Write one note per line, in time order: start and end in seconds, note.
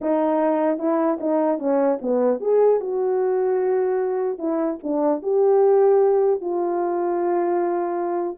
0.01 0.78 D#4
0.78 1.18 E4
1.20 1.58 D#4
1.58 1.98 C#4
2.01 2.40 B3
2.40 2.80 G#4
2.80 4.38 F#4
4.38 4.78 E4
4.83 5.22 D4
5.22 6.41 G4
6.41 8.37 F4